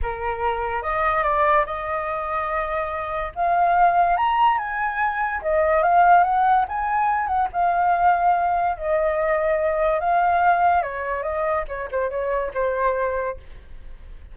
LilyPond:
\new Staff \with { instrumentName = "flute" } { \time 4/4 \tempo 4 = 144 ais'2 dis''4 d''4 | dis''1 | f''2 ais''4 gis''4~ | gis''4 dis''4 f''4 fis''4 |
gis''4. fis''8 f''2~ | f''4 dis''2. | f''2 cis''4 dis''4 | cis''8 c''8 cis''4 c''2 | }